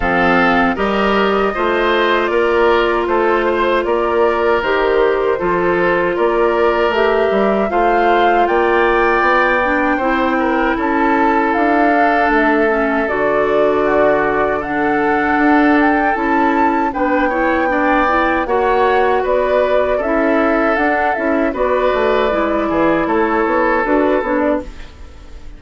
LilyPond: <<
  \new Staff \with { instrumentName = "flute" } { \time 4/4 \tempo 4 = 78 f''4 dis''2 d''4 | c''4 d''4 c''2 | d''4 e''4 f''4 g''4~ | g''2 a''4 f''4 |
e''4 d''2 fis''4~ | fis''8 g''8 a''4 g''2 | fis''4 d''4 e''4 fis''8 e''8 | d''2 cis''4 b'8 cis''16 d''16 | }
  \new Staff \with { instrumentName = "oboe" } { \time 4/4 a'4 ais'4 c''4 ais'4 | a'8 c''8 ais'2 a'4 | ais'2 c''4 d''4~ | d''4 c''8 ais'8 a'2~ |
a'2 fis'4 a'4~ | a'2 b'8 cis''8 d''4 | cis''4 b'4 a'2 | b'4. gis'8 a'2 | }
  \new Staff \with { instrumentName = "clarinet" } { \time 4/4 c'4 g'4 f'2~ | f'2 g'4 f'4~ | f'4 g'4 f'2~ | f'8 d'8 e'2~ e'8 d'8~ |
d'8 cis'8 fis'2 d'4~ | d'4 e'4 d'8 e'8 d'8 e'8 | fis'2 e'4 d'8 e'8 | fis'4 e'2 fis'8 d'8 | }
  \new Staff \with { instrumentName = "bassoon" } { \time 4/4 f4 g4 a4 ais4 | a4 ais4 dis4 f4 | ais4 a8 g8 a4 ais4 | b4 c'4 cis'4 d'4 |
a4 d2. | d'4 cis'4 b2 | ais4 b4 cis'4 d'8 cis'8 | b8 a8 gis8 e8 a8 b8 d'8 b8 | }
>>